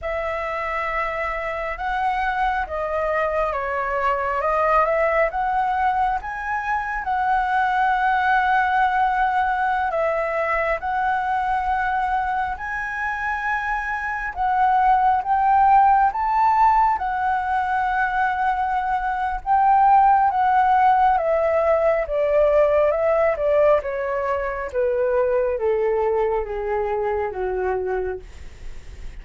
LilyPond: \new Staff \with { instrumentName = "flute" } { \time 4/4 \tempo 4 = 68 e''2 fis''4 dis''4 | cis''4 dis''8 e''8 fis''4 gis''4 | fis''2.~ fis''16 e''8.~ | e''16 fis''2 gis''4.~ gis''16~ |
gis''16 fis''4 g''4 a''4 fis''8.~ | fis''2 g''4 fis''4 | e''4 d''4 e''8 d''8 cis''4 | b'4 a'4 gis'4 fis'4 | }